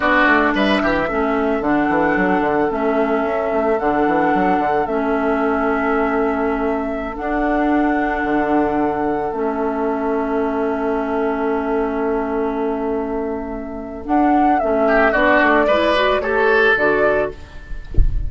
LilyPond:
<<
  \new Staff \with { instrumentName = "flute" } { \time 4/4 \tempo 4 = 111 d''4 e''2 fis''4~ | fis''4 e''2 fis''4~ | fis''4 e''2.~ | e''4~ e''16 fis''2~ fis''8.~ |
fis''4~ fis''16 e''2~ e''8.~ | e''1~ | e''2 fis''4 e''4 | d''2 cis''4 d''4 | }
  \new Staff \with { instrumentName = "oboe" } { \time 4/4 fis'4 b'8 g'8 a'2~ | a'1~ | a'1~ | a'1~ |
a'1~ | a'1~ | a'2.~ a'8 g'8 | fis'4 b'4 a'2 | }
  \new Staff \with { instrumentName = "clarinet" } { \time 4/4 d'2 cis'4 d'4~ | d'4 cis'2 d'4~ | d'4 cis'2.~ | cis'4~ cis'16 d'2~ d'8.~ |
d'4~ d'16 cis'2~ cis'8.~ | cis'1~ | cis'2 d'4 cis'4 | d'4 e'8 fis'8 g'4 fis'4 | }
  \new Staff \with { instrumentName = "bassoon" } { \time 4/4 b8 a8 g8 e8 a4 d8 e8 | fis8 d8 a4 cis'8 a8 d8 e8 | fis8 d8 a2.~ | a4~ a16 d'2 d8.~ |
d4~ d16 a2~ a8.~ | a1~ | a2 d'4 a4 | b8 a8 gis4 a4 d4 | }
>>